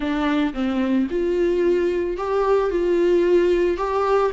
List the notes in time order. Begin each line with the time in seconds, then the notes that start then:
0.00 D4
0.53 C4
1.10 F4
2.17 G4
2.70 F4
3.77 G4